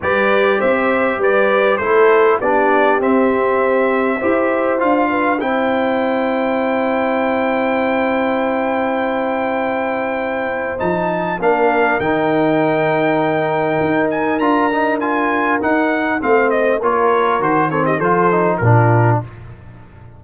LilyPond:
<<
  \new Staff \with { instrumentName = "trumpet" } { \time 4/4 \tempo 4 = 100 d''4 e''4 d''4 c''4 | d''4 e''2. | f''4 g''2.~ | g''1~ |
g''2 a''4 f''4 | g''2.~ g''8 gis''8 | ais''4 gis''4 fis''4 f''8 dis''8 | cis''4 c''8 cis''16 dis''16 c''4 ais'4 | }
  \new Staff \with { instrumentName = "horn" } { \time 4/4 b'4 c''4 b'4 a'4 | g'2. c''4~ | c''8 b'8 c''2.~ | c''1~ |
c''2. ais'4~ | ais'1~ | ais'2. c''4 | ais'4. a'16 g'16 a'4 f'4 | }
  \new Staff \with { instrumentName = "trombone" } { \time 4/4 g'2. e'4 | d'4 c'2 g'4 | f'4 e'2.~ | e'1~ |
e'2 dis'4 d'4 | dis'1 | f'8 dis'8 f'4 dis'4 c'4 | f'4 fis'8 c'8 f'8 dis'8 d'4 | }
  \new Staff \with { instrumentName = "tuba" } { \time 4/4 g4 c'4 g4 a4 | b4 c'2 e'4 | d'4 c'2.~ | c'1~ |
c'2 f4 ais4 | dis2. dis'4 | d'2 dis'4 a4 | ais4 dis4 f4 ais,4 | }
>>